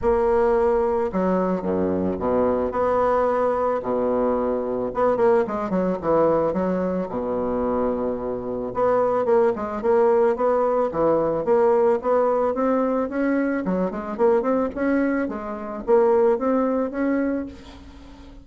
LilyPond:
\new Staff \with { instrumentName = "bassoon" } { \time 4/4 \tempo 4 = 110 ais2 fis4 fis,4 | b,4 b2 b,4~ | b,4 b8 ais8 gis8 fis8 e4 | fis4 b,2. |
b4 ais8 gis8 ais4 b4 | e4 ais4 b4 c'4 | cis'4 fis8 gis8 ais8 c'8 cis'4 | gis4 ais4 c'4 cis'4 | }